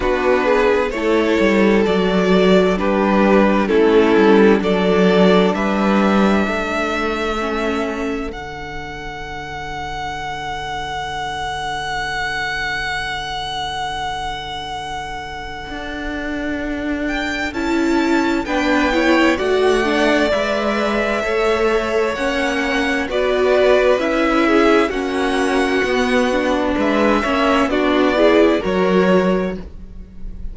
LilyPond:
<<
  \new Staff \with { instrumentName = "violin" } { \time 4/4 \tempo 4 = 65 b'4 cis''4 d''4 b'4 | a'4 d''4 e''2~ | e''4 fis''2.~ | fis''1~ |
fis''2~ fis''8 g''8 a''4 | g''4 fis''4 e''2 | fis''4 d''4 e''4 fis''4~ | fis''4 e''4 d''4 cis''4 | }
  \new Staff \with { instrumentName = "violin" } { \time 4/4 fis'8 gis'8 a'2 g'4 | e'4 a'4 b'4 a'4~ | a'1~ | a'1~ |
a'1 | b'8 cis''8 d''2 cis''4~ | cis''4 b'4. gis'8 fis'4~ | fis'4 b'8 cis''8 fis'8 gis'8 ais'4 | }
  \new Staff \with { instrumentName = "viola" } { \time 4/4 d'4 e'4 fis'4 d'4 | cis'4 d'2. | cis'4 d'2.~ | d'1~ |
d'2. e'4 | d'8 e'8 fis'8 d'8 b'4 a'4 | cis'4 fis'4 e'4 cis'4 | b8 d'4 cis'8 d'8 e'8 fis'4 | }
  \new Staff \with { instrumentName = "cello" } { \time 4/4 b4 a8 g8 fis4 g4 | a8 g8 fis4 g4 a4~ | a4 d2.~ | d1~ |
d4 d'2 cis'4 | b4 a4 gis4 a4 | ais4 b4 cis'4 ais4 | b4 gis8 ais8 b4 fis4 | }
>>